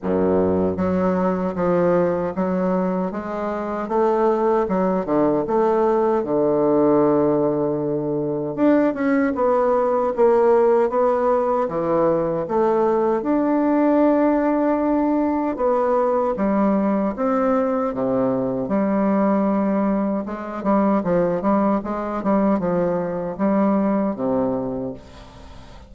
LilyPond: \new Staff \with { instrumentName = "bassoon" } { \time 4/4 \tempo 4 = 77 fis,4 fis4 f4 fis4 | gis4 a4 fis8 d8 a4 | d2. d'8 cis'8 | b4 ais4 b4 e4 |
a4 d'2. | b4 g4 c'4 c4 | g2 gis8 g8 f8 g8 | gis8 g8 f4 g4 c4 | }